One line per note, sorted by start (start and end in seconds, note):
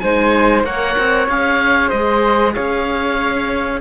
0.00 0.64 G#3
0.00 0.65 D#4
0.00 0.66 C5
0.00 0.63 G#5
0.64 0.96 A#3
0.64 1.28 A#4
0.64 1.89 C#5
0.64 1.28 F#5
0.98 1.28 C4
1.28 1.92 C#4
1.28 3.81 G#4
1.28 1.89 F5
1.89 2.56 G#3
1.89 2.52 C5
1.89 2.53 D#5
2.54 3.81 C#4
2.54 3.81 C#5
2.54 3.81 F5